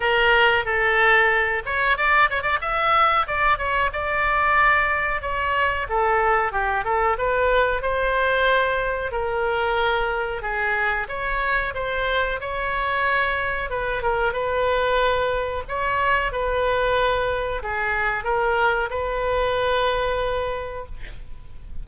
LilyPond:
\new Staff \with { instrumentName = "oboe" } { \time 4/4 \tempo 4 = 92 ais'4 a'4. cis''8 d''8 cis''16 d''16 | e''4 d''8 cis''8 d''2 | cis''4 a'4 g'8 a'8 b'4 | c''2 ais'2 |
gis'4 cis''4 c''4 cis''4~ | cis''4 b'8 ais'8 b'2 | cis''4 b'2 gis'4 | ais'4 b'2. | }